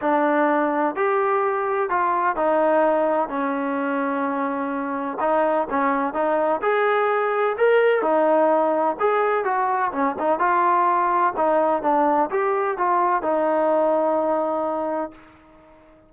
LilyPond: \new Staff \with { instrumentName = "trombone" } { \time 4/4 \tempo 4 = 127 d'2 g'2 | f'4 dis'2 cis'4~ | cis'2. dis'4 | cis'4 dis'4 gis'2 |
ais'4 dis'2 gis'4 | fis'4 cis'8 dis'8 f'2 | dis'4 d'4 g'4 f'4 | dis'1 | }